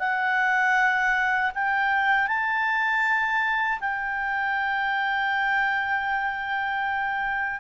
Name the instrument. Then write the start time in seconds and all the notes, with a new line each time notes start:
clarinet
0.00 F#5
1.55 G5
2.28 A5
3.81 G5